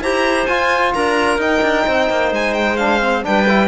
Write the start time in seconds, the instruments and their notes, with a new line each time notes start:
0.00 cello E4, trombone G4, clarinet C5, violin A#5
0.46 trombone F4, cello F4, violin G#5
0.93 cello D4, clarinet A#4, violin A#5
1.37 cello D#4, trombone D#4, violin G5
1.62 cello D4
1.86 cello C4, clarinet C5
2.09 cello A#3
2.31 cello G#3, violin G#5
2.54 violin G5
2.76 trombone D4, violin F5
3.01 trombone C4
3.22 cello G3, trombone D4, clarinet B4, violin G5
3.48 trombone E4